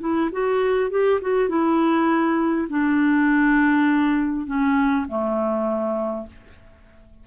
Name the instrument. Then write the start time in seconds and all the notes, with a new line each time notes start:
clarinet
0.00 E4
0.32 F#4
0.90 G4
1.21 F#4
1.49 E4
2.69 D4
4.46 C#4
5.08 A3